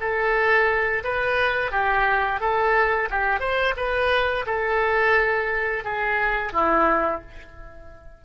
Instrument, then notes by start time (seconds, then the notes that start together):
oboe
0.00 A4
1.04 B4
1.71 G4
2.40 A4
3.10 G4
3.40 C5
3.76 B4
4.46 A4
5.84 G#4
6.52 E4